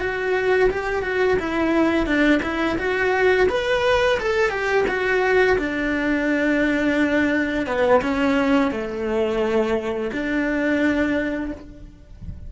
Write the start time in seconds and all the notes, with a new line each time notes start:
0.00 F#4
0.70 G4
1.03 F#4
1.39 E4
2.06 D4
2.43 E4
2.78 F#4
3.49 B4
4.20 A4
4.50 G4
4.88 F#4
5.58 D4
7.66 B3
8.02 C#4
8.71 A3
10.12 D4